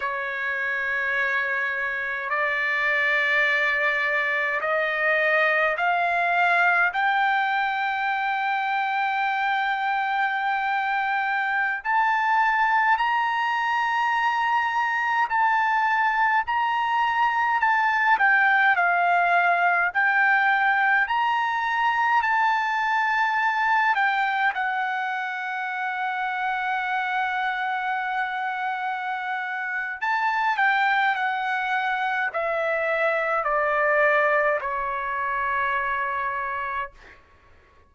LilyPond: \new Staff \with { instrumentName = "trumpet" } { \time 4/4 \tempo 4 = 52 cis''2 d''2 | dis''4 f''4 g''2~ | g''2~ g''16 a''4 ais''8.~ | ais''4~ ais''16 a''4 ais''4 a''8 g''16~ |
g''16 f''4 g''4 ais''4 a''8.~ | a''8. g''8 fis''2~ fis''8.~ | fis''2 a''8 g''8 fis''4 | e''4 d''4 cis''2 | }